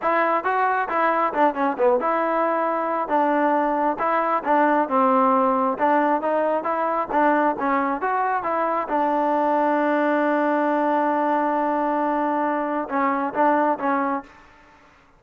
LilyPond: \new Staff \with { instrumentName = "trombone" } { \time 4/4 \tempo 4 = 135 e'4 fis'4 e'4 d'8 cis'8 | b8 e'2~ e'8 d'4~ | d'4 e'4 d'4 c'4~ | c'4 d'4 dis'4 e'4 |
d'4 cis'4 fis'4 e'4 | d'1~ | d'1~ | d'4 cis'4 d'4 cis'4 | }